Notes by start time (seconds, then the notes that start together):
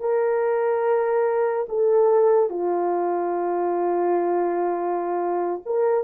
0.00 A#4
1.69 A4
2.50 F4
5.66 A#4